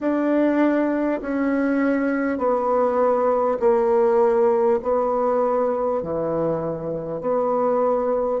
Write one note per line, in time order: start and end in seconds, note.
0.00 1.20 D4
1.21 2.37 C#4
2.37 3.57 B3
3.59 4.79 A#3
4.82 6.02 B3
6.02 7.21 E3
7.21 8.40 B3